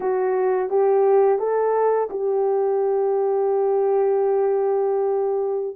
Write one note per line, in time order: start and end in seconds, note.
0.00 0.69 F#4
0.69 1.39 G4
1.39 2.08 A4
2.10 5.76 G4